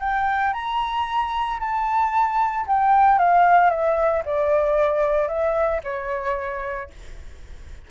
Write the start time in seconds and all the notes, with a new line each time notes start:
0.00 G5
0.53 A#5
1.60 A5
2.67 G5
3.19 F5
3.70 E5
4.26 D5
5.28 E5
5.84 C#5